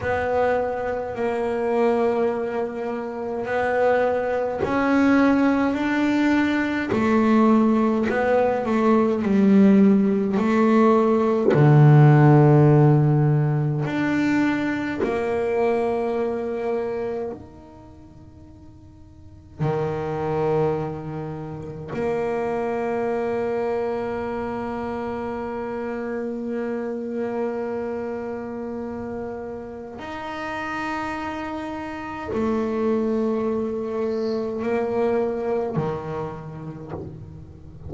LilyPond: \new Staff \with { instrumentName = "double bass" } { \time 4/4 \tempo 4 = 52 b4 ais2 b4 | cis'4 d'4 a4 b8 a8 | g4 a4 d2 | d'4 ais2 dis'4~ |
dis'4 dis2 ais4~ | ais1~ | ais2 dis'2 | a2 ais4 dis4 | }